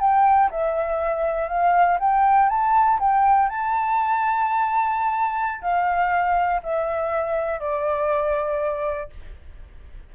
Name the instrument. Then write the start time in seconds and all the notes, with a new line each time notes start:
flute
0.00 G5
0.51 E5
1.49 F5
2.00 G5
2.49 A5
3.00 G5
3.49 A5
5.62 F5
6.63 E5
7.60 D5